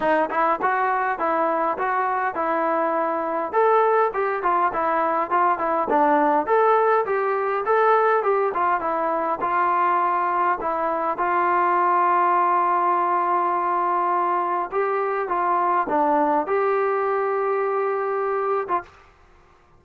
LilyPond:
\new Staff \with { instrumentName = "trombone" } { \time 4/4 \tempo 4 = 102 dis'8 e'8 fis'4 e'4 fis'4 | e'2 a'4 g'8 f'8 | e'4 f'8 e'8 d'4 a'4 | g'4 a'4 g'8 f'8 e'4 |
f'2 e'4 f'4~ | f'1~ | f'4 g'4 f'4 d'4 | g'2.~ g'8. f'16 | }